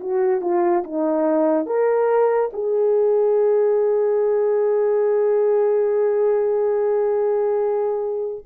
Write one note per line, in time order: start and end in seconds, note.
0.00 0.41 F#4
0.41 0.83 F4
0.84 1.66 D#4
1.66 2.51 A#4
2.53 8.45 G#4